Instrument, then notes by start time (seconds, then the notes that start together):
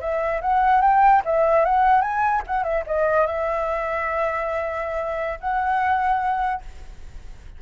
flute
0.00 E5
0.41 F#5
0.81 G5
1.25 E5
1.65 F#5
2.01 G#5
2.47 F#5
2.63 E5
2.86 D#5
3.26 E5
5.40 F#5